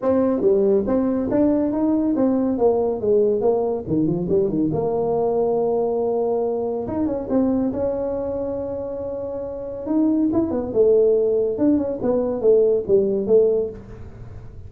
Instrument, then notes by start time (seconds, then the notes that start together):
tuba
0.01 C4
0.41 G3
0.86 C4
1.30 D4
1.72 D#4
2.15 C4
2.58 A#3
3.00 G#3
3.41 A#3
3.87 D#3
4.06 F3
4.29 G3
4.48 D#3
4.73 A#3
6.87 D#4
7.06 C#4
7.29 C4
7.73 C#4
9.86 D#4
10.32 E4
10.50 B3
10.73 A3
11.58 D4
11.77 C#4
12.02 B3
12.41 A3
12.87 G3
13.26 A3